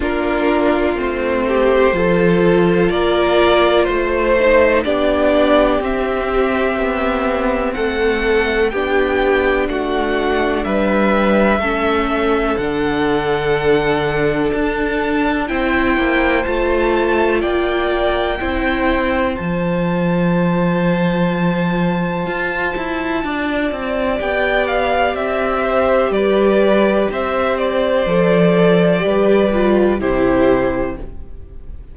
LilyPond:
<<
  \new Staff \with { instrumentName = "violin" } { \time 4/4 \tempo 4 = 62 ais'4 c''2 d''4 | c''4 d''4 e''2 | fis''4 g''4 fis''4 e''4~ | e''4 fis''2 a''4 |
g''4 a''4 g''2 | a''1~ | a''4 g''8 f''8 e''4 d''4 | e''8 d''2~ d''8 c''4 | }
  \new Staff \with { instrumentName = "violin" } { \time 4/4 f'4. g'8 a'4 ais'4 | c''4 g'2. | a'4 g'4 fis'4 b'4 | a'1 |
c''2 d''4 c''4~ | c''1 | d''2~ d''8 c''8 b'4 | c''2 b'4 g'4 | }
  \new Staff \with { instrumentName = "viola" } { \time 4/4 d'4 c'4 f'2~ | f'8 dis'8 d'4 c'2~ | c'4 d'2. | cis'4 d'2. |
e'4 f'2 e'4 | f'1~ | f'4 g'2.~ | g'4 a'4 g'8 f'8 e'4 | }
  \new Staff \with { instrumentName = "cello" } { \time 4/4 ais4 a4 f4 ais4 | a4 b4 c'4 b4 | a4 b4 a4 g4 | a4 d2 d'4 |
c'8 ais8 a4 ais4 c'4 | f2. f'8 e'8 | d'8 c'8 b4 c'4 g4 | c'4 f4 g4 c4 | }
>>